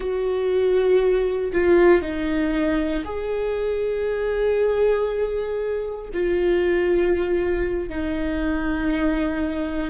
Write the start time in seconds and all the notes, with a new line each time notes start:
0.00 F#4
1.52 F4
2.01 D#4
3.04 G#4
6.13 F4
7.89 D#4